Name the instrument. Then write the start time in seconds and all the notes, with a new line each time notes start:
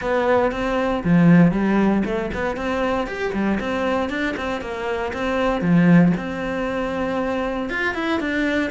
cello
0.01 B3
0.51 C4
1.04 F3
1.51 G3
2.04 A3
2.34 B3
2.56 C4
3.07 G4
3.33 G3
3.59 C4
4.09 D4
4.37 C4
4.61 A#3
5.13 C4
5.61 F3
6.16 C4
7.69 F4
7.94 E4
8.19 D4